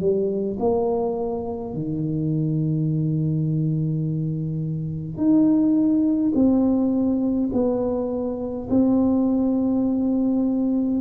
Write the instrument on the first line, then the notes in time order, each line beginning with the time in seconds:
tuba
0.00 G3
0.60 A#3
1.74 D#3
5.18 D#4
6.35 C4
7.53 B3
8.70 C4